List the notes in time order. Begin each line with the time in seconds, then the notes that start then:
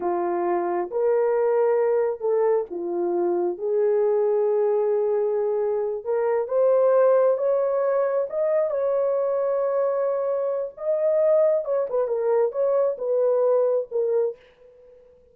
0.00 F4
0.90 A#4
2.20 A4
2.70 F4
3.58 G#4
6.04 A#4
6.48 C5
7.37 C#5
8.29 D#5
8.70 C#5
10.77 D#5
11.64 C#5
11.89 B4
12.07 A#4
12.51 C#5
12.98 B4
13.91 A#4